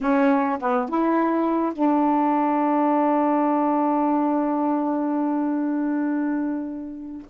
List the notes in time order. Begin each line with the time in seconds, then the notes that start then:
0.00 C#4
0.59 B3
0.88 E4
1.73 D4